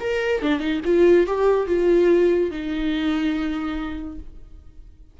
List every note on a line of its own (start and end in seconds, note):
0.00 0.42 A#4
0.42 0.60 D4
0.60 0.80 D#4
0.85 1.27 F4
1.27 1.66 G4
1.66 2.50 F4
2.50 4.18 D#4